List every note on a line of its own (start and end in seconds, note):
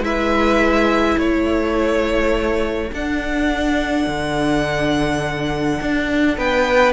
0.00 1.15 G#3
0.00 2.91 E4
0.00 1.18 B4
0.00 1.19 E5
1.18 2.91 A3
1.18 6.38 A4
1.18 2.92 C#5
2.92 4.07 D4
2.92 6.92 D4
2.92 6.38 F#5
4.07 5.80 D3
5.81 6.38 D4
6.38 6.92 B3
6.38 6.92 B4
6.38 6.92 G5